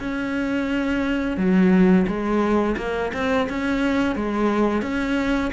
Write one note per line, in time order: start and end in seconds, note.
0.00 1.38 C#4
1.38 2.07 F#3
2.08 2.76 G#3
2.78 3.12 A#3
3.14 3.48 C4
3.50 4.16 C#4
4.16 4.82 G#3
4.82 5.51 C#4